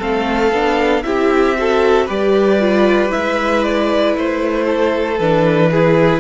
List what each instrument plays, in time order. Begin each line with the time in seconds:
0.00 cello A3, viola C4, violin A4 F5
0.52 cello B3, viola D4
1.04 cello C4, viola E4, violin G4 E5
1.58 viola F#4, violin A4
2.06 cello G3, viola G4, violin B4 D5
2.60 viola F4
3.10 viola E4, violin E5
3.16 cello G#3
3.64 violin D5
4.16 cello A3, violin C5
4.67 violin A4
5.19 cello E3, viola D4, violin B4
5.72 viola E4, violin G#4